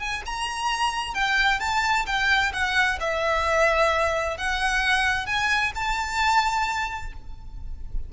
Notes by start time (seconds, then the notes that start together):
0.00 G#5
0.26 A#5
1.15 G5
1.61 A5
2.07 G5
2.53 F#5
3.01 E5
4.38 F#5
5.27 G#5
5.76 A5